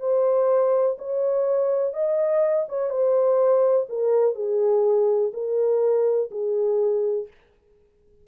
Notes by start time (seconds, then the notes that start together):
0.00 C5
0.98 C#5
1.94 D#5
2.69 C#5
2.90 C5
3.89 A#4
4.35 G#4
5.34 A#4
6.31 G#4